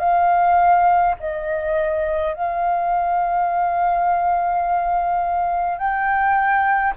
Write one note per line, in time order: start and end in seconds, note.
0.00 1.15 F5
1.20 2.34 D#5
2.34 5.78 F5
5.78 6.94 G5